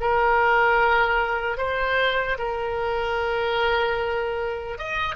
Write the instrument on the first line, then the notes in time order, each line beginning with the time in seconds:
oboe
0.00 A#4
1.57 C5
2.38 A#4
4.78 D#5